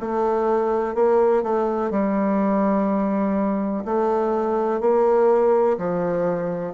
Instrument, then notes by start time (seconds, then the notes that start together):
bassoon
0.00 A3
0.95 A#3
1.43 A3
1.90 G3
3.85 A3
4.80 A#3
5.78 F3